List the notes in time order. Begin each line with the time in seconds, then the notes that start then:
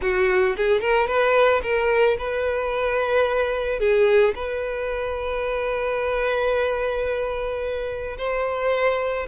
0.01 F#4
0.57 G#4
0.81 A#4
1.07 B4
1.62 A#4
2.18 B4
3.79 G#4
4.35 B4
8.17 C5